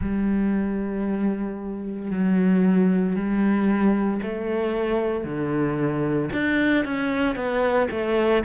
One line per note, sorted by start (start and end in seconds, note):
0.00 2.10 G3
2.10 3.15 F#3
3.15 4.21 G3
4.22 5.24 A3
5.24 6.29 D3
6.32 6.84 D4
6.84 7.35 C#4
7.35 7.88 B3
7.90 8.43 A3